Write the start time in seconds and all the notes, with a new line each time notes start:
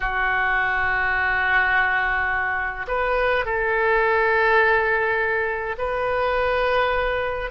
0.00 F#4
2.87 B4
3.45 A4
5.77 B4